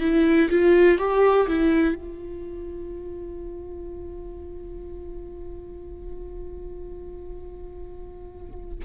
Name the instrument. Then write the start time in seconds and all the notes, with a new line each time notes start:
viola
0.00 E4
0.50 F4
0.98 G4
1.48 E4
1.96 F4